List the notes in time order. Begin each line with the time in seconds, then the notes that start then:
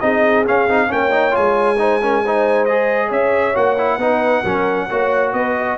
0.00 C4 D#4 G#4 D#5
0.47 C#4 F5
0.68 C4 D#4
0.88 A#3 C#4 C#5 G5
1.11 D#4
1.31 G#3 F4 G#5
1.79 D#4 C5
2.02 C#4 A#4
2.25 D#4 C5
2.65 G#4 D#5
3.08 C#4 C#5 E5
3.55 A#3 F#4 F#5
3.77 E4
3.98 B3 D#4 B4
4.43 F#3 C#4 A#4
4.90 A#3 F#4 C#5
5.33 B3 B4 D#5
5.59 D#5